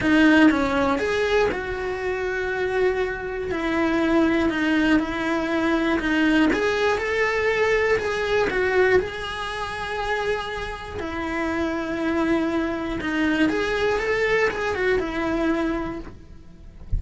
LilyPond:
\new Staff \with { instrumentName = "cello" } { \time 4/4 \tempo 4 = 120 dis'4 cis'4 gis'4 fis'4~ | fis'2. e'4~ | e'4 dis'4 e'2 | dis'4 gis'4 a'2 |
gis'4 fis'4 gis'2~ | gis'2 e'2~ | e'2 dis'4 gis'4 | a'4 gis'8 fis'8 e'2 | }